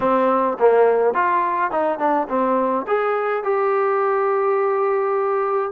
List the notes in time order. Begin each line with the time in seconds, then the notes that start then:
0.00 C4
0.59 A#3
1.14 F4
1.71 D#4
1.98 D4
2.29 C4
2.87 G#4
3.43 G4